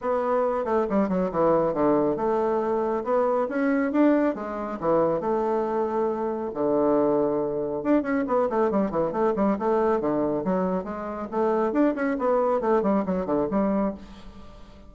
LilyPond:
\new Staff \with { instrumentName = "bassoon" } { \time 4/4 \tempo 4 = 138 b4. a8 g8 fis8 e4 | d4 a2 b4 | cis'4 d'4 gis4 e4 | a2. d4~ |
d2 d'8 cis'8 b8 a8 | g8 e8 a8 g8 a4 d4 | fis4 gis4 a4 d'8 cis'8 | b4 a8 g8 fis8 d8 g4 | }